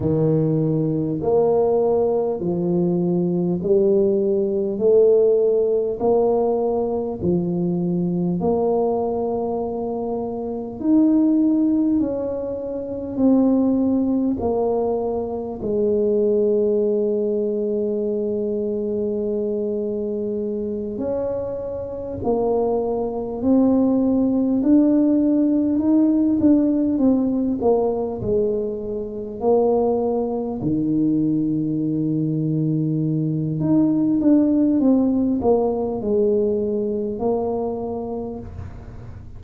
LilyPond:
\new Staff \with { instrumentName = "tuba" } { \time 4/4 \tempo 4 = 50 dis4 ais4 f4 g4 | a4 ais4 f4 ais4~ | ais4 dis'4 cis'4 c'4 | ais4 gis2.~ |
gis4. cis'4 ais4 c'8~ | c'8 d'4 dis'8 d'8 c'8 ais8 gis8~ | gis8 ais4 dis2~ dis8 | dis'8 d'8 c'8 ais8 gis4 ais4 | }